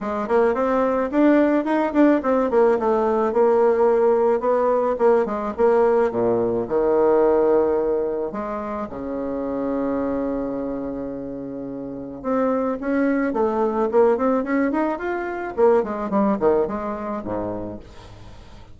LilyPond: \new Staff \with { instrumentName = "bassoon" } { \time 4/4 \tempo 4 = 108 gis8 ais8 c'4 d'4 dis'8 d'8 | c'8 ais8 a4 ais2 | b4 ais8 gis8 ais4 ais,4 | dis2. gis4 |
cis1~ | cis2 c'4 cis'4 | a4 ais8 c'8 cis'8 dis'8 f'4 | ais8 gis8 g8 dis8 gis4 gis,4 | }